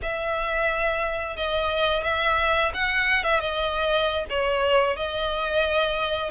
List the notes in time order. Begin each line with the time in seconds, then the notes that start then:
0.02 E5
1.36 D#5
2.03 E5
2.73 F#5
3.23 E5
3.40 D#5
4.29 C#5
4.96 D#5